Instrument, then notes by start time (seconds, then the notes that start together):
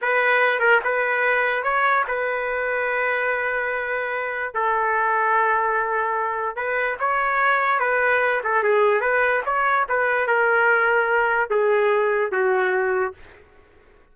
trumpet
0.01 B4
0.59 A#4
0.84 B4
1.63 C#5
2.07 B4
4.54 A4
6.55 B4
6.99 C#5
7.79 B4
8.43 A4
8.63 G#4
9.00 B4
9.45 C#5
9.88 B4
10.27 A#4
11.50 G#4
12.31 F#4